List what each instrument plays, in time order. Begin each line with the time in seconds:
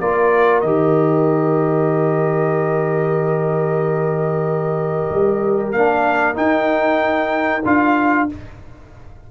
0.00 tuba A#3, trombone F4, horn A#4, trumpet D5
0.61 tuba D#3, trombone G4, trumpet D#5
5.10 tuba G3
5.72 tuba A#3, trombone D4, trumpet F5
6.34 trombone D#4, tuba D#4, trumpet G5
7.65 tuba D4, trombone F4, trumpet F5